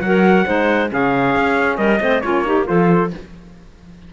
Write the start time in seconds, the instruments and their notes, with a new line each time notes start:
0.00 cello F#3, saxophone F#4, clarinet A#4, trumpet F#5
0.45 cello G#3, saxophone D#4, clarinet C5
0.88 cello C#3, saxophone C#4, clarinet G#4, trumpet F5
1.35 cello C#4
1.77 cello G3, clarinet A#4, trumpet D#5
2.00 cello A3, saxophone C4, clarinet C5
2.21 cello A#3, saxophone C#4, clarinet F4, trumpet C#5
2.45 saxophone D#4, clarinet G4
2.64 cello F3, saxophone F4, clarinet A4, trumpet C5